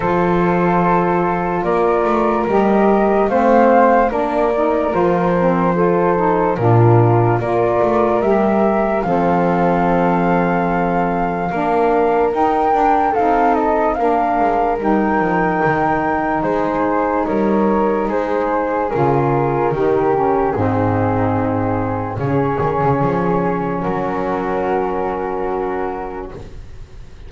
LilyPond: <<
  \new Staff \with { instrumentName = "flute" } { \time 4/4 \tempo 4 = 73 c''2 d''4 dis''4 | f''4 d''4 c''2 | ais'4 d''4 e''4 f''4~ | f''2. g''4 |
f''8 dis''8 f''4 g''2 | c''4 cis''4 c''4 ais'4~ | ais'4 gis'2 cis''4~ | cis''4 ais'2. | }
  \new Staff \with { instrumentName = "flute" } { \time 4/4 a'2 ais'2 | c''4 ais'2 a'4 | f'4 ais'2 a'4~ | a'2 ais'2 |
a'4 ais'2. | gis'4 ais'4 gis'2 | g'4 dis'2 gis'4~ | gis'4 fis'2. | }
  \new Staff \with { instrumentName = "saxophone" } { \time 4/4 f'2. g'4 | c'4 d'8 dis'8 f'8 c'8 f'8 dis'8 | d'4 f'4 g'4 c'4~ | c'2 d'4 dis'8 d'8 |
dis'4 d'4 dis'2~ | dis'2. f'4 | dis'8 cis'8 c'2 cis'4~ | cis'1 | }
  \new Staff \with { instrumentName = "double bass" } { \time 4/4 f2 ais8 a8 g4 | a4 ais4 f2 | ais,4 ais8 a8 g4 f4~ | f2 ais4 dis'8 d'8 |
c'4 ais8 gis8 g8 f8 dis4 | gis4 g4 gis4 cis4 | dis4 gis,2 cis8 dis16 cis16 | f4 fis2. | }
>>